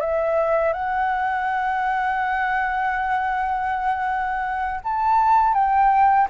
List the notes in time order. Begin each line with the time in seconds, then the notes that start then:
0.00 E5
0.73 F#5
4.83 A5
5.53 G5